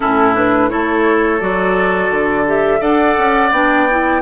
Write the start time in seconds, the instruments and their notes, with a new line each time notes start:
0.00 bassoon A2, clarinet C#4, oboe E4, flute A4
0.34 clarinet D4, flute B4
0.69 bassoon A3, clarinet E4, oboe A4, flute C#5
1.39 bassoon F#3, clarinet F#4, flute D5
2.09 bassoon D3
2.46 clarinet G4, flute E5
2.79 bassoon D4, clarinet A4, oboe D5, flute F#5
3.17 bassoon C#4
3.51 bassoon B3, clarinet D4, flute G5
3.90 clarinet E4